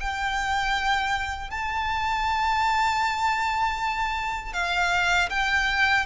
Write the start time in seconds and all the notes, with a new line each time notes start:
0.00 G5
1.51 A5
4.53 F5
5.30 G5